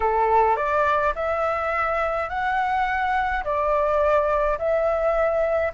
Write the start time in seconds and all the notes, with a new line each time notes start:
0.00 A4
0.56 D5
1.15 E5
2.29 F#5
3.43 D5
4.58 E5